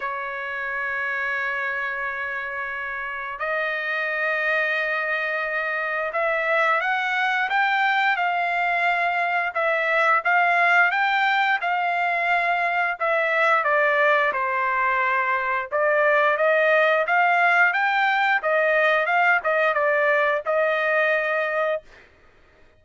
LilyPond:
\new Staff \with { instrumentName = "trumpet" } { \time 4/4 \tempo 4 = 88 cis''1~ | cis''4 dis''2.~ | dis''4 e''4 fis''4 g''4 | f''2 e''4 f''4 |
g''4 f''2 e''4 | d''4 c''2 d''4 | dis''4 f''4 g''4 dis''4 | f''8 dis''8 d''4 dis''2 | }